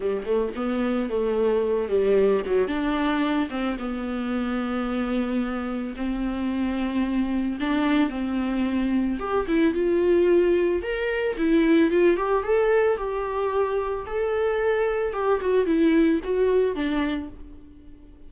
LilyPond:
\new Staff \with { instrumentName = "viola" } { \time 4/4 \tempo 4 = 111 g8 a8 b4 a4. g8~ | g8 fis8 d'4. c'8 b4~ | b2. c'4~ | c'2 d'4 c'4~ |
c'4 g'8 e'8 f'2 | ais'4 e'4 f'8 g'8 a'4 | g'2 a'2 | g'8 fis'8 e'4 fis'4 d'4 | }